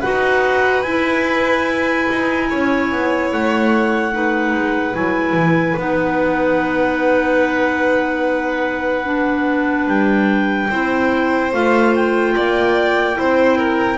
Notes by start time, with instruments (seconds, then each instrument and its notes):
0.00 double bass D#4, clarinet F#4 F#5, violin B4
0.82 double bass E4, clarinet E4 G#5
2.11 double bass D#4
2.49 double bass C#4, violin C#5
2.92 double bass B3
3.32 double bass A3, clarinet F#5
4.13 clarinet D#4, violin B4
4.54 double bass G#3
4.94 double bass F#3, clarinet E4 G#5
5.33 double bass E3
5.77 double bass B3, clarinet D#4 F#5
9.04 clarinet D4
9.87 double bass G3, clarinet G5
10.70 double bass C4, clarinet E4, violin C5
11.53 double bass A3, clarinet F4 F5
11.95 clarinet G5
12.35 double bass A#3, violin D5
13.14 double bass C4, clarinet E4, violin C5
13.58 violin A#4